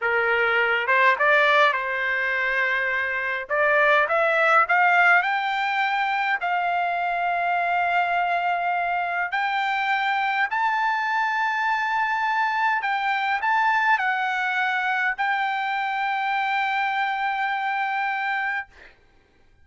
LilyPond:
\new Staff \with { instrumentName = "trumpet" } { \time 4/4 \tempo 4 = 103 ais'4. c''8 d''4 c''4~ | c''2 d''4 e''4 | f''4 g''2 f''4~ | f''1 |
g''2 a''2~ | a''2 g''4 a''4 | fis''2 g''2~ | g''1 | }